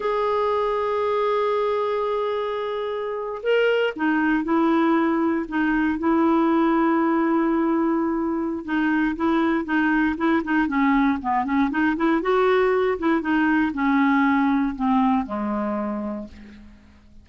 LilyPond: \new Staff \with { instrumentName = "clarinet" } { \time 4/4 \tempo 4 = 118 gis'1~ | gis'2~ gis'8. ais'4 dis'16~ | dis'8. e'2 dis'4 e'16~ | e'1~ |
e'4 dis'4 e'4 dis'4 | e'8 dis'8 cis'4 b8 cis'8 dis'8 e'8 | fis'4. e'8 dis'4 cis'4~ | cis'4 c'4 gis2 | }